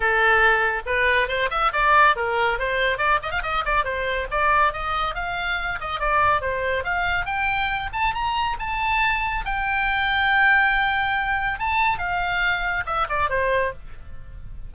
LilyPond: \new Staff \with { instrumentName = "oboe" } { \time 4/4 \tempo 4 = 140 a'2 b'4 c''8 e''8 | d''4 ais'4 c''4 d''8 dis''16 f''16 | dis''8 d''8 c''4 d''4 dis''4 | f''4. dis''8 d''4 c''4 |
f''4 g''4. a''8 ais''4 | a''2 g''2~ | g''2. a''4 | f''2 e''8 d''8 c''4 | }